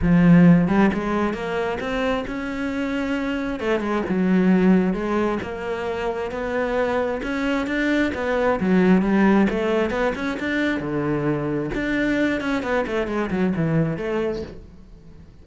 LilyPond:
\new Staff \with { instrumentName = "cello" } { \time 4/4 \tempo 4 = 133 f4. g8 gis4 ais4 | c'4 cis'2. | a8 gis8 fis2 gis4 | ais2 b2 |
cis'4 d'4 b4 fis4 | g4 a4 b8 cis'8 d'4 | d2 d'4. cis'8 | b8 a8 gis8 fis8 e4 a4 | }